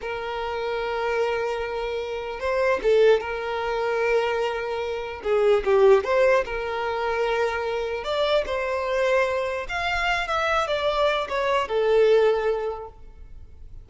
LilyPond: \new Staff \with { instrumentName = "violin" } { \time 4/4 \tempo 4 = 149 ais'1~ | ais'2 c''4 a'4 | ais'1~ | ais'4 gis'4 g'4 c''4 |
ais'1 | d''4 c''2. | f''4. e''4 d''4. | cis''4 a'2. | }